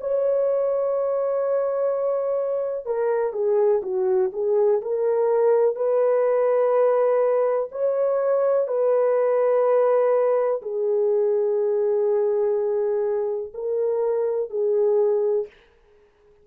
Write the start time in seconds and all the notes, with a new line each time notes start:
0.00 C#5
2.85 A#4
3.33 G#4
3.82 F#4
4.32 G#4
4.81 A#4
5.75 B4
7.72 C#5
8.67 B4
10.62 G#4
13.54 A#4
14.50 G#4